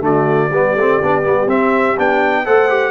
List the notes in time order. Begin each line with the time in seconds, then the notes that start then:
0.00 D3 A3 F#4 D5
0.50 G3 B3 G4
0.76 A3 C4
1.03 B3 D4
1.23 G3 B3
1.47 C4 E5
1.98 B3 D4 G5
2.45 A3 A4 C5 F#5
2.69 G4